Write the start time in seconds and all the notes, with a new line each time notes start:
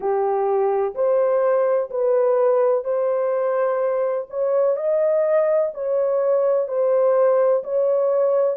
0.00 G4
0.94 C5
1.90 B4
2.84 C5
4.30 C#5
4.76 D#5
5.74 C#5
6.68 C5
7.63 C#5